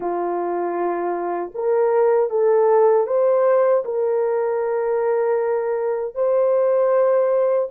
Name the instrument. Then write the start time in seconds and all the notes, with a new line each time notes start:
horn
0.00 F4
1.54 A#4
2.30 A4
3.06 C5
3.84 A#4
6.15 C5